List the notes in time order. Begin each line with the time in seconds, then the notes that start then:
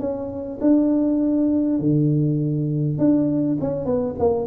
0.00 C#4
0.61 D4
1.80 D3
2.99 D4
3.61 C#4
3.86 B3
4.19 A#3